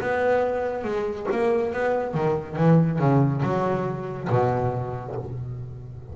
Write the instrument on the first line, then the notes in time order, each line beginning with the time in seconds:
double bass
0.00 B3
0.84 G#3
1.31 A#3
1.73 B3
2.14 D#3
2.56 E3
2.98 C#3
3.42 F#3
4.29 B2